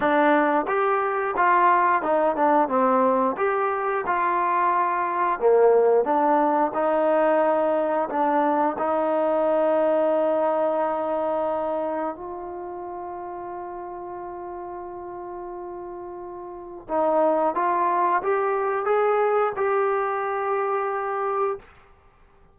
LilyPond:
\new Staff \with { instrumentName = "trombone" } { \time 4/4 \tempo 4 = 89 d'4 g'4 f'4 dis'8 d'8 | c'4 g'4 f'2 | ais4 d'4 dis'2 | d'4 dis'2.~ |
dis'2 f'2~ | f'1~ | f'4 dis'4 f'4 g'4 | gis'4 g'2. | }